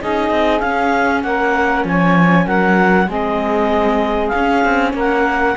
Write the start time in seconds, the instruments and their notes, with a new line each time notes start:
0.00 cello C#4, viola D#4, saxophone G#4, clarinet D#5
0.30 cello C4
0.60 viola C#4, cello C#4, clarinet F5
1.23 cello A#3, saxophone A#4, clarinet F#5
1.85 cello F3, saxophone C#5, clarinet G#5
2.46 cello F#3, saxophone A#4, clarinet F#5
3.06 cello G#3, viola C4, saxophone G#4, clarinet D#5
4.28 clarinet F5
4.35 cello C#4, viola C#4
4.65 cello C4
4.94 cello A#3, saxophone A#4, clarinet F#5